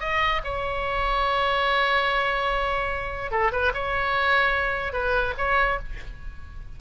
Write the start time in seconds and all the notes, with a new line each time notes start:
0.00 D#5
0.44 C#5
3.31 A4
3.52 B4
3.74 C#5
4.93 B4
5.37 C#5